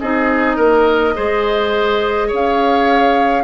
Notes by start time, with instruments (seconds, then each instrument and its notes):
0.00 bassoon C4, clarinet D#4, oboe G#4, flute D#5
0.56 bassoon A#3, oboe A#4
1.14 bassoon G#3, clarinet G#4, oboe C5
2.28 bassoon C#4, oboe C#5
2.35 flute F5